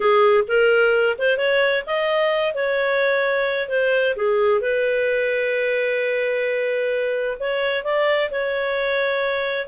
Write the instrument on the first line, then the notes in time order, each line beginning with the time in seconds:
clarinet
0.00 G#4
0.47 A#4
1.18 C5
1.37 C#5
1.86 D#5
2.54 C#5
3.68 C5
4.16 G#4
4.60 B4
7.39 C#5
7.84 D5
8.30 C#5